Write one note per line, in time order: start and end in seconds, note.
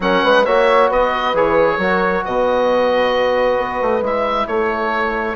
0.00 0.22 F#3
0.00 0.45 C#4
0.00 0.23 A#4
0.00 0.45 F#5
0.23 0.46 G#3
0.23 0.45 B4
0.45 0.90 A#3
0.45 1.34 F#4
0.45 0.89 C#5
0.45 0.89 E5
0.89 1.33 B3
0.89 1.78 B4
0.89 1.36 D#5
1.33 1.77 E3
1.33 1.79 G#4
1.33 2.24 C#5
1.77 2.22 F#3
1.77 4.02 F#4
1.77 2.23 A#4
2.24 3.58 B2
2.24 4.48 B4
2.24 4.03 D#5
3.58 3.80 B3
3.81 4.01 A3
4.01 4.46 G#3
4.01 5.35 E4
4.01 4.47 E5
4.47 5.35 A3
4.47 5.35 A4
4.47 5.35 C#5